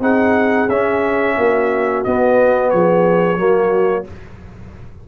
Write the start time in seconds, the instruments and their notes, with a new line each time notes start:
0.00 tuba C4, trombone D#4, horn G#4, trumpet F#5
0.69 tuba C#4, trombone C#4, trumpet E5
1.38 tuba A#3, horn F#4
2.05 trombone B3, tuba B3, trumpet D#5
2.71 tuba F3, horn G#4, trumpet C#5
3.37 tuba F#3, trombone A#3, horn F#4